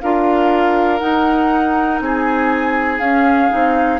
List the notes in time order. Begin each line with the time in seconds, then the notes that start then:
0.00 D4 F4 A#4 F5
0.99 D#4 F#5
2.00 C4 G#4 G#5
2.99 C#4 F5
3.49 C4 D#4